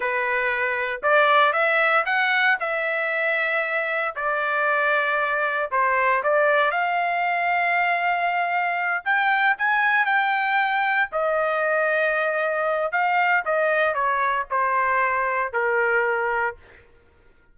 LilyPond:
\new Staff \with { instrumentName = "trumpet" } { \time 4/4 \tempo 4 = 116 b'2 d''4 e''4 | fis''4 e''2. | d''2. c''4 | d''4 f''2.~ |
f''4. g''4 gis''4 g''8~ | g''4. dis''2~ dis''8~ | dis''4 f''4 dis''4 cis''4 | c''2 ais'2 | }